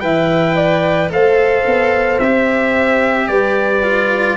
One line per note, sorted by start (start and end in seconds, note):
0.00 1.10 E3
0.00 1.10 B4
0.00 0.56 E5
0.00 1.09 G5
0.56 1.11 D5
1.10 1.64 A3
1.10 2.19 A4
1.10 3.29 C5
1.10 2.19 F5
1.66 2.20 B3
2.19 3.28 C4
2.19 3.83 G4
2.19 3.28 E5
3.28 4.37 G3
3.28 4.37 B4
3.28 4.37 D5
3.83 4.37 F4